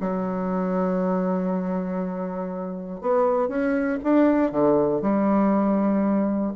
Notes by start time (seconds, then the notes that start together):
0.00 F#3
3.01 B3
3.48 C#4
4.03 D4
4.51 D3
5.01 G3